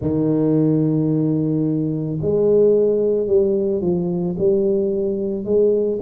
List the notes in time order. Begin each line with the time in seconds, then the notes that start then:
0.00 D#3
2.21 G#3
3.26 G3
3.81 F3
4.38 G3
5.44 G#3